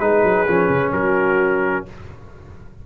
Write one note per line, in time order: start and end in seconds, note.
0.00 0.23 G#3
0.00 0.47 D#4
0.00 0.94 G#4
0.00 0.92 B4
0.24 0.47 F#3
0.47 0.69 F3
0.47 1.86 C#4
0.69 0.92 C#3
0.92 1.85 F#3
0.92 1.86 F#4
0.92 1.85 A#4